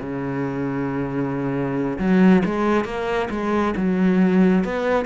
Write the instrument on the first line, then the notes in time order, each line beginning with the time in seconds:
cello
0.00 C#3
1.99 F#3
2.45 G#3
2.85 A#3
3.30 G#3
3.77 F#3
4.64 B3